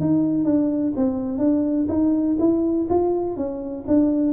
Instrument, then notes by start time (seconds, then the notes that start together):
tuba
0.00 D#4
0.44 D4
0.96 C4
1.38 D4
1.88 D#4
2.39 E4
2.89 F4
3.36 C#4
3.87 D4